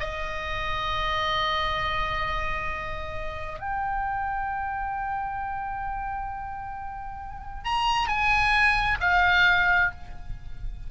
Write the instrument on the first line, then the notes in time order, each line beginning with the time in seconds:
oboe
0.00 D#5
3.59 G5
7.64 A#5
8.08 G#5
9.00 F5